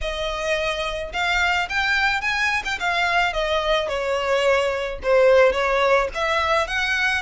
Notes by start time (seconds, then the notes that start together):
0.01 D#5
1.12 F5
1.69 G5
2.21 G#5
2.65 G5
2.79 F5
3.33 D#5
3.88 C#5
5.03 C5
5.52 C#5
6.14 E5
6.67 F#5